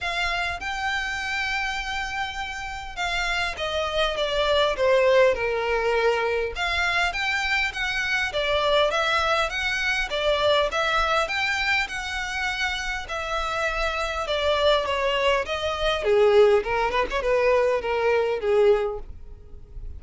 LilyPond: \new Staff \with { instrumentName = "violin" } { \time 4/4 \tempo 4 = 101 f''4 g''2.~ | g''4 f''4 dis''4 d''4 | c''4 ais'2 f''4 | g''4 fis''4 d''4 e''4 |
fis''4 d''4 e''4 g''4 | fis''2 e''2 | d''4 cis''4 dis''4 gis'4 | ais'8 b'16 cis''16 b'4 ais'4 gis'4 | }